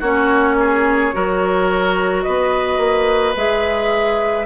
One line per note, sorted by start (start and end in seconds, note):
0.00 1.13 A#3
0.00 1.13 C#4
0.00 0.56 F#4
0.00 2.23 C#5
0.60 1.15 G#4
1.13 2.26 F#3
1.13 3.35 F#4
1.13 2.25 A#4
2.23 2.78 B3
2.23 4.46 B4
2.23 3.34 D#5
2.78 3.34 A#3
3.36 4.46 G#3
3.36 4.46 G#4
3.36 4.46 E5